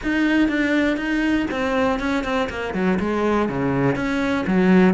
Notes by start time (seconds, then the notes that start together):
0.03 D#4
0.48 D4
0.96 D#4
1.50 C4
1.99 C#4
2.24 C4
2.49 A#3
2.74 F#3
2.99 G#3
3.48 C#3
3.95 C#4
4.47 F#3